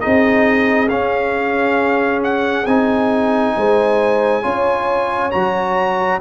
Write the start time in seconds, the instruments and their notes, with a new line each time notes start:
0.00 tuba C4, trombone D#4, horn G#4, trumpet D#5
0.89 trombone C#4, tuba C#4, trumpet F5
2.23 trumpet F#5
2.66 tuba C4, trombone D#4, trumpet G#5
3.56 tuba G#3, horn C5
4.42 tuba C#4, trombone F4, horn C#5
5.31 tuba F#3, trombone F#4, trumpet A#5